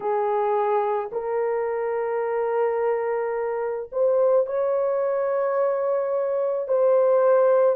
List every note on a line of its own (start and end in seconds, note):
0.00 1.10 G#4
1.12 3.89 A#4
3.91 4.46 C5
4.46 6.68 C#5
6.68 7.75 C5